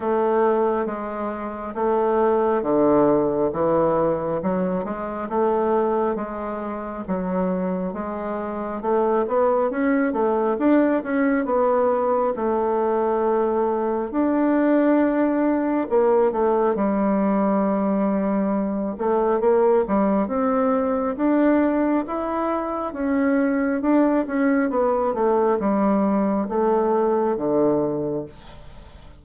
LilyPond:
\new Staff \with { instrumentName = "bassoon" } { \time 4/4 \tempo 4 = 68 a4 gis4 a4 d4 | e4 fis8 gis8 a4 gis4 | fis4 gis4 a8 b8 cis'8 a8 | d'8 cis'8 b4 a2 |
d'2 ais8 a8 g4~ | g4. a8 ais8 g8 c'4 | d'4 e'4 cis'4 d'8 cis'8 | b8 a8 g4 a4 d4 | }